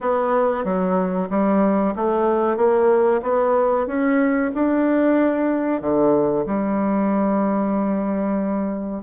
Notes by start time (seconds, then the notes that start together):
0.00 B3
0.64 F#3
1.30 G3
1.95 A3
2.56 A#3
3.22 B3
3.87 C#4
4.54 D4
5.81 D3
6.45 G3